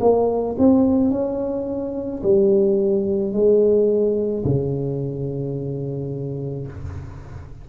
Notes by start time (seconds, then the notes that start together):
0.00 A#3
0.58 C4
1.11 C#4
2.23 G3
3.33 G#3
4.44 C#3